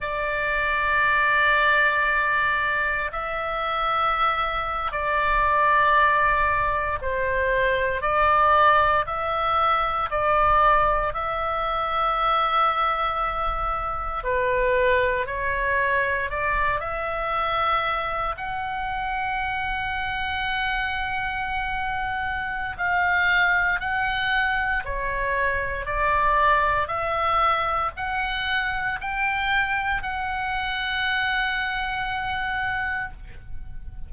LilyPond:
\new Staff \with { instrumentName = "oboe" } { \time 4/4 \tempo 4 = 58 d''2. e''4~ | e''8. d''2 c''4 d''16~ | d''8. e''4 d''4 e''4~ e''16~ | e''4.~ e''16 b'4 cis''4 d''16~ |
d''16 e''4. fis''2~ fis''16~ | fis''2 f''4 fis''4 | cis''4 d''4 e''4 fis''4 | g''4 fis''2. | }